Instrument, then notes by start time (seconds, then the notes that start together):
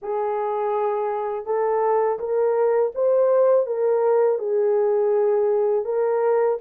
horn
0.02 G#4
1.45 A4
2.19 A#4
2.94 C5
3.66 A#4
4.38 G#4
5.84 A#4